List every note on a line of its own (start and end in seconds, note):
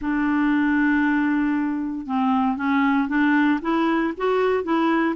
0.01 2.06 D4
2.06 2.57 C4
2.57 3.08 C#4
3.08 3.59 D4
3.61 4.13 E4
4.17 4.63 F#4
4.63 5.15 E4